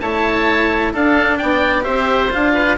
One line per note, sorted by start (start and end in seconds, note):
0.00 0.92 A3
0.00 0.93 E4
0.00 0.92 C#5
0.00 0.92 A5
0.92 1.39 D4
0.92 1.81 D4
0.92 1.38 A4
0.92 1.37 F5
1.37 1.86 B3
1.37 1.83 D5
1.37 1.83 G5
1.81 2.32 C4
1.81 2.27 G4
1.81 2.52 C5
1.81 2.29 E5
2.30 2.77 D4
2.30 2.76 F4
2.30 2.77 F5
2.53 2.76 B4